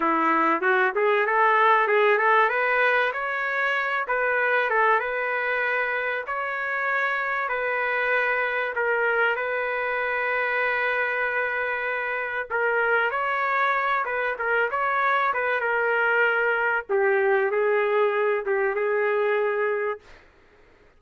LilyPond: \new Staff \with { instrumentName = "trumpet" } { \time 4/4 \tempo 4 = 96 e'4 fis'8 gis'8 a'4 gis'8 a'8 | b'4 cis''4. b'4 a'8 | b'2 cis''2 | b'2 ais'4 b'4~ |
b'1 | ais'4 cis''4. b'8 ais'8 cis''8~ | cis''8 b'8 ais'2 g'4 | gis'4. g'8 gis'2 | }